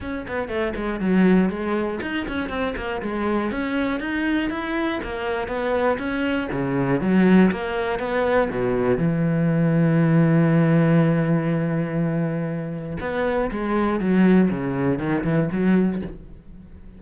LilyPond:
\new Staff \with { instrumentName = "cello" } { \time 4/4 \tempo 4 = 120 cis'8 b8 a8 gis8 fis4 gis4 | dis'8 cis'8 c'8 ais8 gis4 cis'4 | dis'4 e'4 ais4 b4 | cis'4 cis4 fis4 ais4 |
b4 b,4 e2~ | e1~ | e2 b4 gis4 | fis4 cis4 dis8 e8 fis4 | }